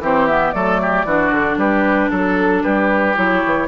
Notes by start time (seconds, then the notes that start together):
0.00 E3 C4 G4 C5
0.28 B3 E5
0.52 F#3 A3 A4 D5
0.82 G4
1.05 E3 D4 F#4
1.31 D3
1.57 G3 G4 B4
2.10 F#3 A4
2.63 G3 G4 B4
3.15 F#3 E4 C#5
3.45 E3